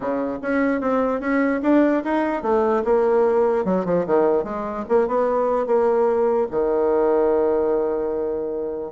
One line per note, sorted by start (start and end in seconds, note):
0.00 0.38 C#3
0.42 0.81 C#4
0.81 1.20 C4
1.20 1.61 C#4
1.62 2.03 D4
2.04 2.42 D#4
2.42 2.83 A3
2.84 3.64 A#3
3.64 3.85 F#3
3.85 4.05 F3
4.06 4.43 D#3
4.43 4.84 G#3
4.89 5.07 A#3
5.07 5.66 B3
5.66 6.47 A#3
6.50 8.92 D#3